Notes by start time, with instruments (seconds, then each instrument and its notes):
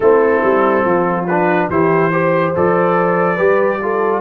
0.00 tuba A3, trombone C4, horn E4, trumpet A4
0.43 tuba G3
0.84 tuba F3, horn F4
1.26 trombone D4, trumpet B4
1.69 tuba E3, trombone E4, horn G4, trumpet C5
2.11 trombone G4, horn C5
2.55 tuba F3, trombone A4, trumpet D5
3.35 tuba G3, trombone G4, horn B4
3.82 trombone F4, horn A4